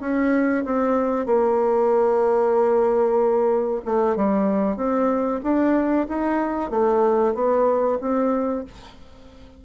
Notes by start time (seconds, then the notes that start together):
0.00 C#4
0.64 C4
1.26 A#3
3.85 A3
4.16 G3
4.76 C4
5.43 D4
6.08 D#4
6.70 A3
7.34 B3
8.00 C4